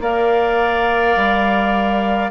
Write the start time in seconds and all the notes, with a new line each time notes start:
0.00 A#3 A#4 D5 F5
1.16 G3